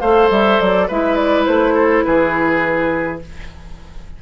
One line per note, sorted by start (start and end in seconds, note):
0.00 0.30 A3
0.00 0.90 A4
0.00 0.87 C5
0.00 0.29 F5
0.30 0.59 G3
0.30 0.60 E5
0.60 0.90 F#3
0.60 0.89 D5
0.87 1.47 G#3
0.87 3.21 E4
0.87 1.74 B4
0.87 1.16 E5
1.16 1.45 D5
1.46 2.05 A3
1.46 2.03 C5
1.74 2.03 A4
2.03 3.22 E3
2.03 3.22 G#4
2.03 3.19 B4